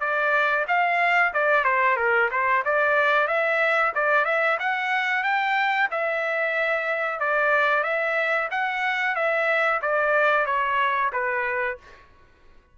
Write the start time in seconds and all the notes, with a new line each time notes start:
0.00 D5
0.67 F5
1.33 D5
1.64 C5
1.96 A#4
2.30 C5
2.65 D5
3.27 E5
3.95 D5
4.25 E5
4.59 F#5
5.23 G5
5.91 E5
7.19 D5
7.83 E5
8.50 F#5
9.15 E5
9.82 D5
10.46 C#5
11.13 B4